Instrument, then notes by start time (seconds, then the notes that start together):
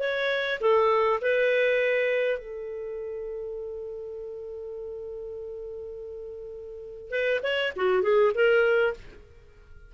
clarinet
0.00 C#5
0.60 A4
1.22 B4
2.39 A4
7.11 B4
7.43 C#5
7.76 F#4
8.03 G#4
8.34 A#4